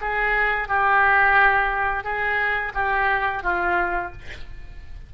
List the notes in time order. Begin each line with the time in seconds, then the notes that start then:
0.00 G#4
0.68 G4
2.03 G#4
2.74 G4
3.43 F4